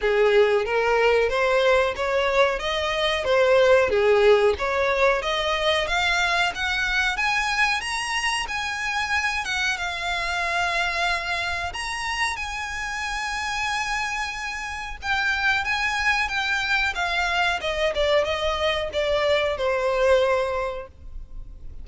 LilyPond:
\new Staff \with { instrumentName = "violin" } { \time 4/4 \tempo 4 = 92 gis'4 ais'4 c''4 cis''4 | dis''4 c''4 gis'4 cis''4 | dis''4 f''4 fis''4 gis''4 | ais''4 gis''4. fis''8 f''4~ |
f''2 ais''4 gis''4~ | gis''2. g''4 | gis''4 g''4 f''4 dis''8 d''8 | dis''4 d''4 c''2 | }